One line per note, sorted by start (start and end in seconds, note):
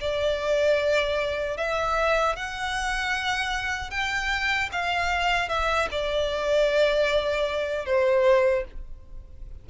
0.00 1.57 D5
1.57 2.35 E5
2.35 3.90 F#5
3.90 4.69 G5
4.72 5.48 F5
5.48 5.88 E5
5.91 7.85 D5
7.85 8.64 C5